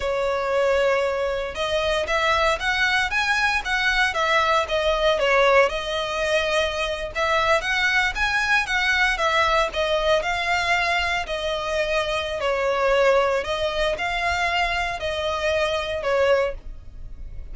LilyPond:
\new Staff \with { instrumentName = "violin" } { \time 4/4 \tempo 4 = 116 cis''2. dis''4 | e''4 fis''4 gis''4 fis''4 | e''4 dis''4 cis''4 dis''4~ | dis''4.~ dis''16 e''4 fis''4 gis''16~ |
gis''8. fis''4 e''4 dis''4 f''16~ | f''4.~ f''16 dis''2~ dis''16 | cis''2 dis''4 f''4~ | f''4 dis''2 cis''4 | }